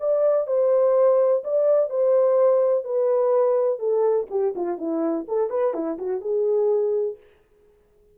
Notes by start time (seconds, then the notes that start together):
0.00 D5
0.47 C5
1.44 D5
1.90 C5
2.84 B4
3.79 A4
4.30 G4
4.56 F4
4.78 E4
5.28 A4
5.50 B4
5.74 E4
5.99 F#4
6.21 G#4